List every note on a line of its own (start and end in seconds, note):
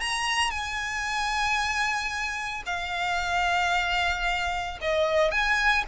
0.00 0.51 A#5
0.51 2.63 G#5
2.66 4.78 F5
4.81 5.31 D#5
5.31 5.84 G#5